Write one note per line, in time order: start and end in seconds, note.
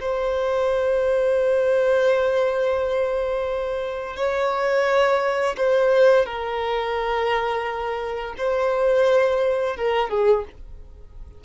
0.00 4.16 C5
4.16 5.56 C#5
5.57 6.25 C5
6.25 8.35 A#4
8.38 9.76 C5
9.76 10.09 A#4
10.09 10.44 G#4